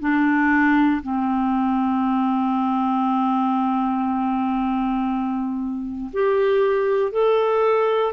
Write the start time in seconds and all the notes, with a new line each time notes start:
0.00 D4
1.02 C4
6.13 G4
7.12 A4